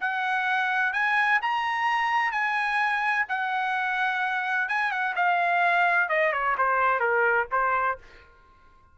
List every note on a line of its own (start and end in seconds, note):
0.00 0.93 F#5
0.93 1.40 G#5
1.41 2.32 A#5
2.32 3.25 G#5
3.28 4.69 F#5
4.69 4.91 G#5
4.91 5.14 F#5
5.16 6.09 F5
6.09 6.32 D#5
6.32 6.56 C#5
6.58 7.00 C5
7.00 7.47 A#4
7.51 7.98 C5